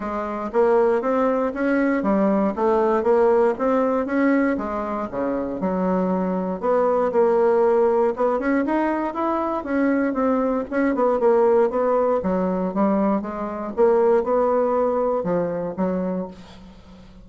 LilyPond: \new Staff \with { instrumentName = "bassoon" } { \time 4/4 \tempo 4 = 118 gis4 ais4 c'4 cis'4 | g4 a4 ais4 c'4 | cis'4 gis4 cis4 fis4~ | fis4 b4 ais2 |
b8 cis'8 dis'4 e'4 cis'4 | c'4 cis'8 b8 ais4 b4 | fis4 g4 gis4 ais4 | b2 f4 fis4 | }